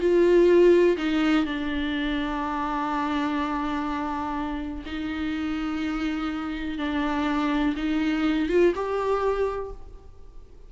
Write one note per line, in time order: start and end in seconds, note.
0.00 0.97 F4
0.97 1.46 D#4
1.46 4.85 D4
4.85 6.79 D#4
6.79 7.75 D4
7.76 8.49 D#4
8.49 8.73 F4
8.75 9.72 G4